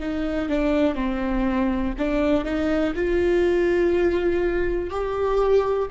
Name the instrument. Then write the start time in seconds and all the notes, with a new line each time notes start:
viola
0.00 D#4
0.49 D4
0.95 C4
1.99 D4
2.45 D#4
2.96 F4
4.90 G4